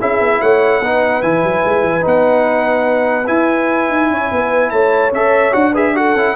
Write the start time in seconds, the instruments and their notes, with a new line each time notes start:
0.00 tuba C#4, trombone E4, horn G#4, trumpet E5
0.20 tuba B3
0.41 tuba A3, horn C#5, trumpet F#5
0.80 tuba B3, trombone D#4, horn B4
1.22 tuba E3, trombone E4, trumpet G#5
1.43 tuba F#3
1.65 tuba G#3
1.83 tuba E3
2.01 tuba B3, trombone D#4, trumpet F#5
3.26 trombone E4, tuba E4, trumpet G#5
3.89 tuba D#4
4.10 tuba C#4, horn C#5
4.31 tuba B3, horn B4
4.70 tuba A3, horn C#5, trumpet A5
5.12 tuba C#4, trombone A4, trumpet E5
5.52 tuba D4, trombone F#4, trumpet F#5
5.72 trombone G#4, horn B4, trumpet E5
5.95 trombone F#4, horn A4, trumpet F#5
6.15 tuba C#4, trombone E4